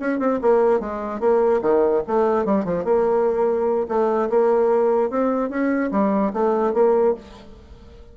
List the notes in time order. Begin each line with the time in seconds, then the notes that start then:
0.00 C#4
0.20 C4
0.42 A#3
0.81 G#3
1.21 A#3
1.62 D#3
2.08 A3
2.46 G3
2.65 F3
2.85 A#3
3.89 A3
4.30 A#3
5.10 C4
5.50 C#4
5.92 G3
6.34 A3
6.74 A#3